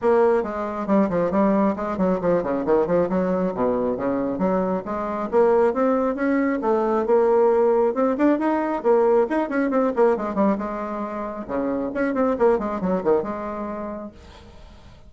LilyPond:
\new Staff \with { instrumentName = "bassoon" } { \time 4/4 \tempo 4 = 136 ais4 gis4 g8 f8 g4 | gis8 fis8 f8 cis8 dis8 f8 fis4 | b,4 cis4 fis4 gis4 | ais4 c'4 cis'4 a4 |
ais2 c'8 d'8 dis'4 | ais4 dis'8 cis'8 c'8 ais8 gis8 g8 | gis2 cis4 cis'8 c'8 | ais8 gis8 fis8 dis8 gis2 | }